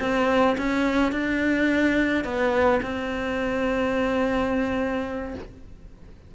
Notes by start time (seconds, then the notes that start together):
0.00 C4
0.58 C#4
1.12 D4
2.24 B3
2.82 C4